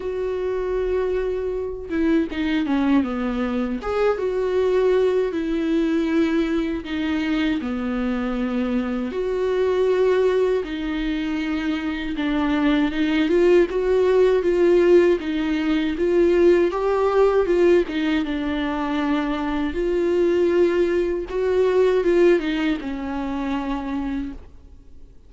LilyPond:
\new Staff \with { instrumentName = "viola" } { \time 4/4 \tempo 4 = 79 fis'2~ fis'8 e'8 dis'8 cis'8 | b4 gis'8 fis'4. e'4~ | e'4 dis'4 b2 | fis'2 dis'2 |
d'4 dis'8 f'8 fis'4 f'4 | dis'4 f'4 g'4 f'8 dis'8 | d'2 f'2 | fis'4 f'8 dis'8 cis'2 | }